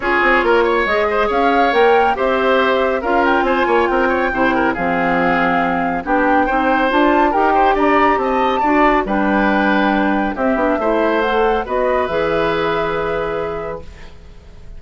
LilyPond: <<
  \new Staff \with { instrumentName = "flute" } { \time 4/4 \tempo 4 = 139 cis''2 dis''4 f''4 | g''4 e''2 f''8 g''8 | gis''4 g''2 f''4~ | f''2 g''2 |
a''4 g''4 ais''4 a''4~ | a''4 g''2. | e''2 fis''4 dis''4 | e''1 | }
  \new Staff \with { instrumentName = "oboe" } { \time 4/4 gis'4 ais'8 cis''4 c''8 cis''4~ | cis''4 c''2 ais'4 | c''8 cis''8 ais'8 cis''8 c''8 ais'8 gis'4~ | gis'2 g'4 c''4~ |
c''4 ais'8 c''8 d''4 dis''4 | d''4 b'2. | g'4 c''2 b'4~ | b'1 | }
  \new Staff \with { instrumentName = "clarinet" } { \time 4/4 f'2 gis'2 | ais'4 g'2 f'4~ | f'2 e'4 c'4~ | c'2 d'4 dis'4 |
f'4 g'2. | fis'4 d'2. | c'8 d'8 e'4 a'4 fis'4 | gis'1 | }
  \new Staff \with { instrumentName = "bassoon" } { \time 4/4 cis'8 c'8 ais4 gis4 cis'4 | ais4 c'2 cis'4 | c'8 ais8 c'4 c4 f4~ | f2 b4 c'4 |
d'4 dis'4 d'4 c'4 | d'4 g2. | c'8 b8 a2 b4 | e1 | }
>>